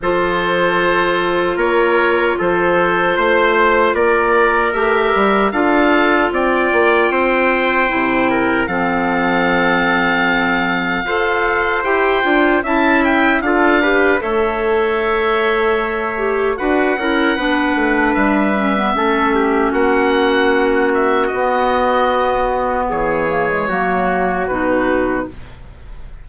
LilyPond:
<<
  \new Staff \with { instrumentName = "oboe" } { \time 4/4 \tempo 4 = 76 c''2 cis''4 c''4~ | c''4 d''4 e''4 f''4 | g''2. f''4~ | f''2. g''4 |
a''8 g''8 f''4 e''2~ | e''4 fis''2 e''4~ | e''4 fis''4. e''8 dis''4~ | dis''4 cis''2 b'4 | }
  \new Staff \with { instrumentName = "trumpet" } { \time 4/4 a'2 ais'4 a'4 | c''4 ais'2 a'4 | d''4 c''4. ais'8 a'4~ | a'2 c''2 |
e''4 a'8 b'8 cis''2~ | cis''4 b'8 ais'8 b'2 | a'8 g'8 fis'2.~ | fis'4 gis'4 fis'2 | }
  \new Staff \with { instrumentName = "clarinet" } { \time 4/4 f'1~ | f'2 g'4 f'4~ | f'2 e'4 c'4~ | c'2 a'4 g'8 f'8 |
e'4 f'8 g'8 a'2~ | a'8 g'8 fis'8 e'8 d'4. cis'16 b16 | cis'2. b4~ | b4. ais16 gis16 ais4 dis'4 | }
  \new Staff \with { instrumentName = "bassoon" } { \time 4/4 f2 ais4 f4 | a4 ais4 a8 g8 d'4 | c'8 ais8 c'4 c4 f4~ | f2 f'4 e'8 d'8 |
cis'4 d'4 a2~ | a4 d'8 cis'8 b8 a8 g4 | a4 ais2 b4~ | b4 e4 fis4 b,4 | }
>>